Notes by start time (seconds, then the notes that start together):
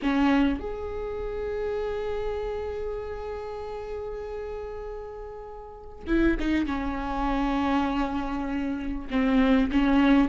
0.02 C#4
0.59 G#4
6.06 E4
6.39 D#4
6.66 C#4
9.10 C4
9.71 C#4